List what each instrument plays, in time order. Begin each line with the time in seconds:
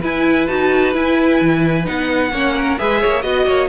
0.00 viola E4, cello E4, violin B4 G#5
0.47 cello D#4, viola F#4, violin A5
0.93 viola E4, cello E4, violin G#5
1.41 cello E3
1.84 cello B3, viola D#4, violin F#5
2.31 cello A#3, viola C#4, violin C#5
2.56 violin A#4
2.78 cello G#3, viola G#4, violin B4 E5
3.01 cello A#3, violin C#5
3.22 cello B3, viola F#4, violin D#5
3.47 cello A#3, violin C#5